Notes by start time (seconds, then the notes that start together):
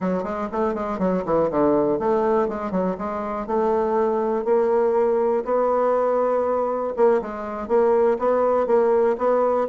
0.00 F#3
0.23 G#3
0.52 A3
0.74 G#3
0.98 F#3
1.25 E3
1.50 D3
1.99 A3
2.48 G#3
2.71 F#3
2.98 G#3
3.46 A3
4.44 A#3
5.44 B3
6.96 A#3
7.21 G#3
7.68 A#3
8.19 B3
8.66 A#3
9.17 B3